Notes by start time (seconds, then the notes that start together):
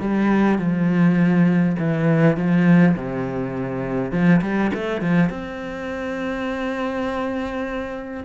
0.00 G3
0.58 F3
1.79 E3
2.37 F3
2.96 C3
4.11 F3
4.42 G3
4.74 A3
5.01 F3
5.29 C4